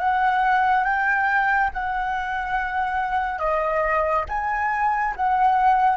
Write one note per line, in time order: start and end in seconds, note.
0.00 0.85 F#5
0.85 1.70 G5
1.74 3.39 F#5
3.39 4.25 D#5
4.29 5.15 G#5
5.17 5.97 F#5